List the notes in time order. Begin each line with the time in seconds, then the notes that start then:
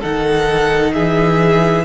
0.00 D#3 D#4 A4 F#5
0.94 E3 G#4 E5